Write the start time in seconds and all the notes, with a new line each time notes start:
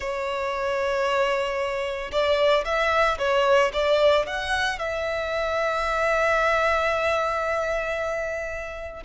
0.00 C#5
2.11 D5
2.65 E5
3.18 C#5
3.73 D5
4.26 F#5
4.78 E5